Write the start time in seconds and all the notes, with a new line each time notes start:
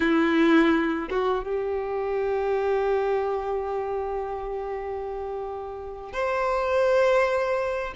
0.00 E4
1.10 F#4
1.44 G4
6.12 C5